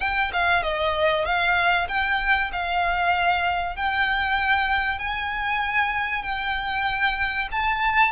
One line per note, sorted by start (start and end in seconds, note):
0.00 0.31 G5
0.32 0.62 F5
0.62 1.25 D#5
1.25 1.87 F5
1.88 2.50 G5
2.52 3.76 F5
3.76 4.98 G5
4.98 6.22 G#5
6.22 7.47 G5
7.51 8.11 A5